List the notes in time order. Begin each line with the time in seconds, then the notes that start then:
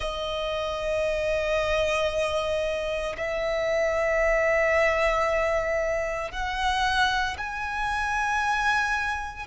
0.00 D#5
3.17 E5
6.31 F#5
7.37 G#5